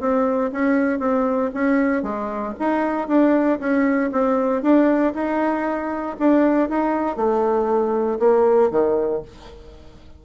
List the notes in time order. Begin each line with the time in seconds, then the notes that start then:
0.00 C4
0.52 C#4
1.00 C4
1.54 C#4
2.03 G#3
2.59 D#4
3.08 D4
3.59 C#4
4.12 C4
4.62 D4
5.14 D#4
6.19 D4
6.69 D#4
7.16 A3
8.20 A#3
8.71 D#3